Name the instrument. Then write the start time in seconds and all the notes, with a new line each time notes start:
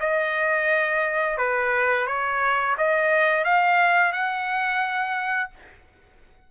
trumpet
0.00 D#5
1.37 B4
2.07 C#5
2.77 D#5
3.44 F5
4.12 F#5